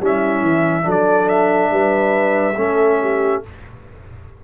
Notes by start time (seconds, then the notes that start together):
0.00 G3 C#4 E4 E5
0.41 E3
0.82 F#3 D4 A4
0.90 D5
1.29 E5
1.71 G3 B4
2.56 A3 C#4 A4
3.01 G4